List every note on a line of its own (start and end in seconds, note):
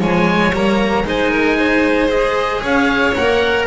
0.00 0.52 F3
0.00 0.53 G#3
0.00 1.06 C#5
0.00 0.55 G#5
0.52 1.04 G3
0.52 1.05 A#3
0.52 1.08 A#5
1.05 2.63 G#3
1.05 2.09 D#4
1.05 1.31 C5
1.05 2.11 G#5
1.31 1.57 A#4
1.57 2.62 C5
2.09 3.14 G#4
2.09 2.64 D#5
2.62 3.16 C#4
2.62 3.67 C#5
2.62 3.16 F5
3.16 3.67 A#3
3.16 3.67 A#4
3.16 3.67 F#5